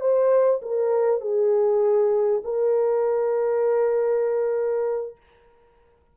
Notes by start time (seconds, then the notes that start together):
0.00 C5
0.62 A#4
1.20 G#4
2.44 A#4